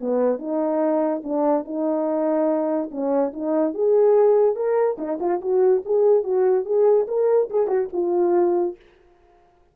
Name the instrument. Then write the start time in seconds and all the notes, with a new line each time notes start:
horn
0.00 B3
0.38 D#4
1.23 D4
1.65 D#4
2.91 C#4
3.33 D#4
3.74 G#4
4.55 A#4
4.98 D#4
5.20 F4
5.41 F#4
5.85 G#4
6.23 F#4
6.65 G#4
7.07 A#4
7.50 G#4
7.67 F#4
7.92 F4